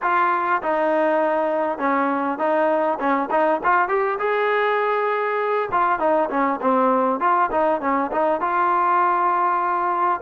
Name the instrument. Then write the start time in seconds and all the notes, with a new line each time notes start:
trombone
0.02 F4
0.62 D#4
1.78 C#4
2.38 D#4
2.99 C#4
3.30 D#4
3.63 F4
3.88 G4
4.19 G#4
5.71 F4
5.99 D#4
6.30 C#4
6.61 C4
7.20 F4
7.51 D#4
7.80 C#4
8.11 D#4
8.41 F4